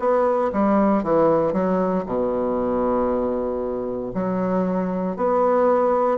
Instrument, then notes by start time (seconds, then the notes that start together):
bassoon
0.00 B3
0.53 G3
1.04 E3
1.54 F#3
2.06 B2
4.15 F#3
5.17 B3